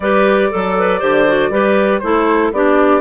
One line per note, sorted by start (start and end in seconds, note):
0.00 0.50 G3
0.00 0.53 G4
0.00 0.50 B4
0.00 1.99 D5
0.50 1.02 F#3
0.50 0.76 A4
0.50 1.01 A4
0.78 0.99 B4
0.99 1.50 D3
0.99 1.26 G4
0.99 1.50 C5
1.27 1.51 F#4
1.50 2.00 G3
1.50 2.02 G4
1.50 2.01 B4
1.99 2.52 A3
1.99 2.52 E4
1.99 2.53 A4
1.99 2.49 C5
2.52 3.01 B3
2.52 3.01 D4
2.52 3.01 G4
2.52 3.01 D5